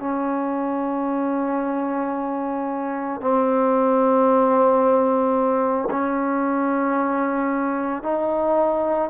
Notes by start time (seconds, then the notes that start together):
0.00 C#4
3.21 C4
5.91 C#4
8.04 D#4